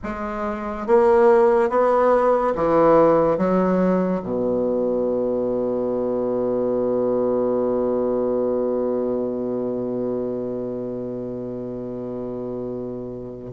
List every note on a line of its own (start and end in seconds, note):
0.03 0.86 G#3
0.86 1.69 A#3
1.69 2.54 B3
2.55 3.37 E3
3.37 4.22 F#3
4.22 13.52 B2